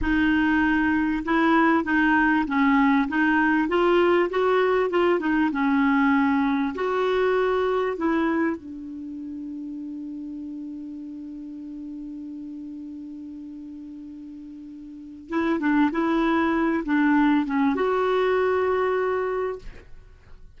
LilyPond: \new Staff \with { instrumentName = "clarinet" } { \time 4/4 \tempo 4 = 98 dis'2 e'4 dis'4 | cis'4 dis'4 f'4 fis'4 | f'8 dis'8 cis'2 fis'4~ | fis'4 e'4 d'2~ |
d'1~ | d'1~ | d'4 e'8 d'8 e'4. d'8~ | d'8 cis'8 fis'2. | }